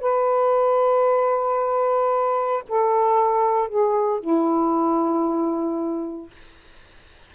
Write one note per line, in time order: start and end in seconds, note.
0.00 2.63 B4
2.68 3.68 A4
3.68 4.20 G#4
4.20 6.30 E4